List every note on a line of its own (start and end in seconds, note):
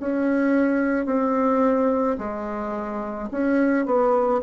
0.00 1.06 C#4
1.06 2.17 C4
2.18 3.29 G#3
3.31 3.86 C#4
3.86 4.41 B3